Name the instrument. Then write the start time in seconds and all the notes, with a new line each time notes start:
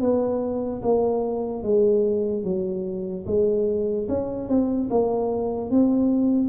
tuba
0.00 B3
0.82 A#3
1.62 G#3
2.43 F#3
3.26 G#3
4.08 C#4
4.48 C4
4.90 A#3
5.70 C4